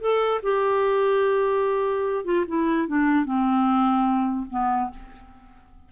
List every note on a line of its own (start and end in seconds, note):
0.00 0.41 A4
0.42 2.24 G4
2.24 2.45 F4
2.47 2.87 E4
2.87 3.25 D4
3.25 4.46 C4
4.50 4.90 B3